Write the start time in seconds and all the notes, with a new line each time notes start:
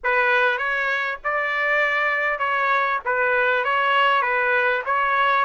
0.03 B4
0.58 C#5
1.24 D5
2.39 C#5
3.05 B4
3.64 C#5
4.21 B4
4.85 C#5